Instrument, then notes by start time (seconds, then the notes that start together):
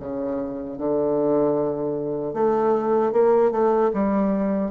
bassoon
0.00 C#3
0.78 D3
2.34 A3
3.12 A#3
3.51 A3
3.93 G3